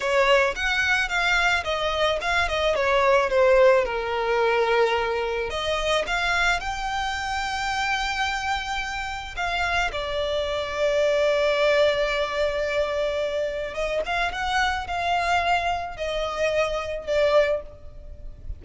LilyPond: \new Staff \with { instrumentName = "violin" } { \time 4/4 \tempo 4 = 109 cis''4 fis''4 f''4 dis''4 | f''8 dis''8 cis''4 c''4 ais'4~ | ais'2 dis''4 f''4 | g''1~ |
g''4 f''4 d''2~ | d''1~ | d''4 dis''8 f''8 fis''4 f''4~ | f''4 dis''2 d''4 | }